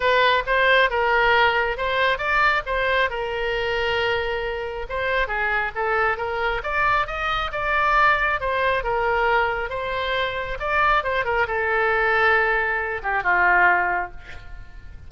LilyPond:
\new Staff \with { instrumentName = "oboe" } { \time 4/4 \tempo 4 = 136 b'4 c''4 ais'2 | c''4 d''4 c''4 ais'4~ | ais'2. c''4 | gis'4 a'4 ais'4 d''4 |
dis''4 d''2 c''4 | ais'2 c''2 | d''4 c''8 ais'8 a'2~ | a'4. g'8 f'2 | }